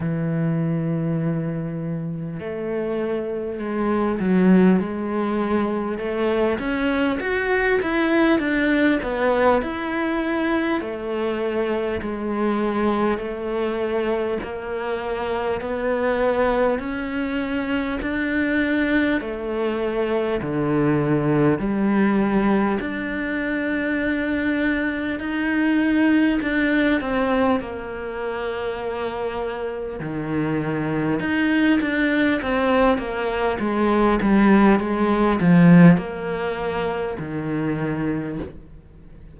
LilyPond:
\new Staff \with { instrumentName = "cello" } { \time 4/4 \tempo 4 = 50 e2 a4 gis8 fis8 | gis4 a8 cis'8 fis'8 e'8 d'8 b8 | e'4 a4 gis4 a4 | ais4 b4 cis'4 d'4 |
a4 d4 g4 d'4~ | d'4 dis'4 d'8 c'8 ais4~ | ais4 dis4 dis'8 d'8 c'8 ais8 | gis8 g8 gis8 f8 ais4 dis4 | }